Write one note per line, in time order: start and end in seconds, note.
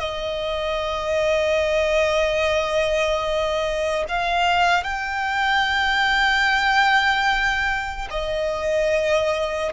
0.00 4.05 D#5
4.09 4.84 F5
4.84 8.08 G5
8.11 9.73 D#5